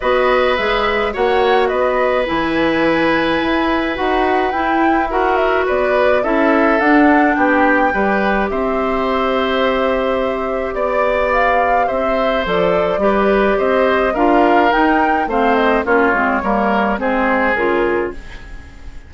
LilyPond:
<<
  \new Staff \with { instrumentName = "flute" } { \time 4/4 \tempo 4 = 106 dis''4 e''4 fis''4 dis''4 | gis''2. fis''4 | g''4 fis''8 e''8 d''4 e''4 | fis''4 g''2 e''4~ |
e''2. d''4 | f''4 e''4 d''2 | dis''4 f''4 g''4 f''8 dis''8 | cis''2 c''4 ais'4 | }
  \new Staff \with { instrumentName = "oboe" } { \time 4/4 b'2 cis''4 b'4~ | b'1~ | b'4 ais'4 b'4 a'4~ | a'4 g'4 b'4 c''4~ |
c''2. d''4~ | d''4 c''2 b'4 | c''4 ais'2 c''4 | f'4 ais'4 gis'2 | }
  \new Staff \with { instrumentName = "clarinet" } { \time 4/4 fis'4 gis'4 fis'2 | e'2. fis'4 | e'4 fis'2 e'4 | d'2 g'2~ |
g'1~ | g'2 a'4 g'4~ | g'4 f'4 dis'4 c'4 | cis'8 c'8 ais4 c'4 f'4 | }
  \new Staff \with { instrumentName = "bassoon" } { \time 4/4 b4 gis4 ais4 b4 | e2 e'4 dis'4 | e'2 b4 cis'4 | d'4 b4 g4 c'4~ |
c'2. b4~ | b4 c'4 f4 g4 | c'4 d'4 dis'4 a4 | ais8 gis8 g4 gis4 cis4 | }
>>